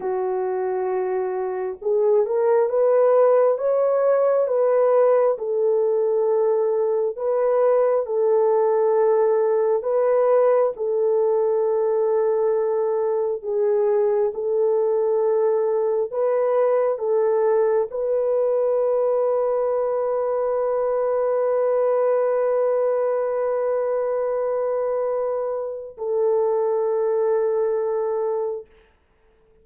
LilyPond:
\new Staff \with { instrumentName = "horn" } { \time 4/4 \tempo 4 = 67 fis'2 gis'8 ais'8 b'4 | cis''4 b'4 a'2 | b'4 a'2 b'4 | a'2. gis'4 |
a'2 b'4 a'4 | b'1~ | b'1~ | b'4 a'2. | }